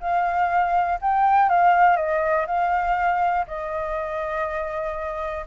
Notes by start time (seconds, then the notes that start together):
0.00 F5
1.01 G5
1.49 F5
1.97 D#5
2.47 F5
3.47 D#5